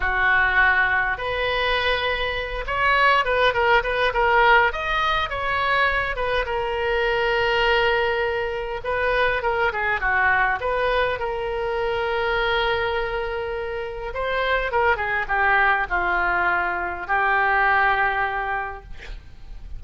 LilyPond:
\new Staff \with { instrumentName = "oboe" } { \time 4/4 \tempo 4 = 102 fis'2 b'2~ | b'8 cis''4 b'8 ais'8 b'8 ais'4 | dis''4 cis''4. b'8 ais'4~ | ais'2. b'4 |
ais'8 gis'8 fis'4 b'4 ais'4~ | ais'1 | c''4 ais'8 gis'8 g'4 f'4~ | f'4 g'2. | }